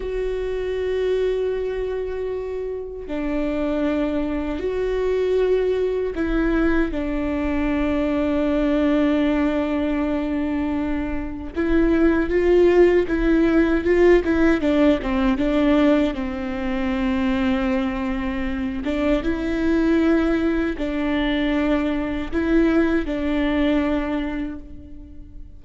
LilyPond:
\new Staff \with { instrumentName = "viola" } { \time 4/4 \tempo 4 = 78 fis'1 | d'2 fis'2 | e'4 d'2.~ | d'2. e'4 |
f'4 e'4 f'8 e'8 d'8 c'8 | d'4 c'2.~ | c'8 d'8 e'2 d'4~ | d'4 e'4 d'2 | }